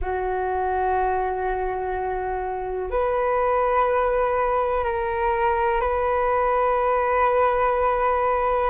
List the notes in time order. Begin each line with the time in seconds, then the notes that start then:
0.01 F#4
2.90 B4
4.83 A#4
5.80 B4